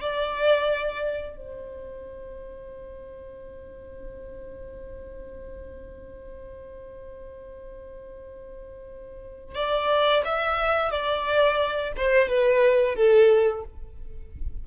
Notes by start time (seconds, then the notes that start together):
0.00 D5
1.36 C5
9.55 D5
10.25 E5
10.90 D5
11.96 C5
12.28 B4
12.95 A4